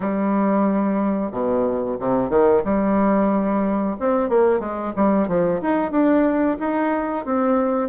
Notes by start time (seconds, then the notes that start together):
0.00 G3
1.31 B2
1.99 C3
2.29 D#3
2.64 G3
3.99 C4
4.29 A#3
4.59 G#3
4.96 G3
5.27 F3
5.61 D#4
5.91 D4
6.59 D#4
7.25 C4